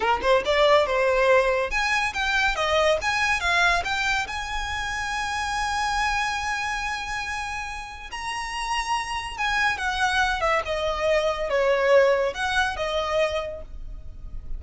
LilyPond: \new Staff \with { instrumentName = "violin" } { \time 4/4 \tempo 4 = 141 ais'8 c''8 d''4 c''2 | gis''4 g''4 dis''4 gis''4 | f''4 g''4 gis''2~ | gis''1~ |
gis''2. ais''4~ | ais''2 gis''4 fis''4~ | fis''8 e''8 dis''2 cis''4~ | cis''4 fis''4 dis''2 | }